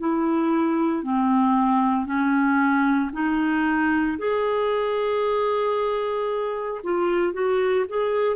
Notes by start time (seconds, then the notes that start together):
0.00 E4
1.03 C4
2.06 C#4
3.13 D#4
4.19 G#4
6.84 F4
7.33 F#4
7.89 G#4